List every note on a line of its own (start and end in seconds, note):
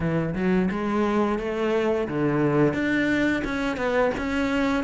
0.00 0.34 E3
0.34 0.69 F#3
0.71 1.39 G#3
1.39 2.08 A3
2.08 2.73 D3
2.73 3.42 D4
3.44 3.76 C#4
3.76 4.11 B3
4.17 4.83 C#4